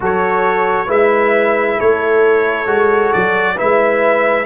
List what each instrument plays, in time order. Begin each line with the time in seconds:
0.00 tuba F#3, trombone F#4, horn A4, trumpet C#5
0.87 tuba G#3, trombone E4, horn B4, trumpet E5
1.77 tuba A3, horn A4, trumpet C#5
2.66 tuba G#3, trombone F#4
3.12 tuba F#3, trumpet D5
3.55 trombone E4, horn B4, trumpet E5
3.61 tuba G#3